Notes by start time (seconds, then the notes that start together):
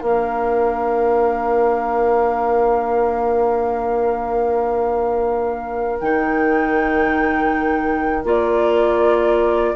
0.00 A#3 D4 A#4 F5
6.00 D#3 D#4 G5
8.25 A#3 F4 D5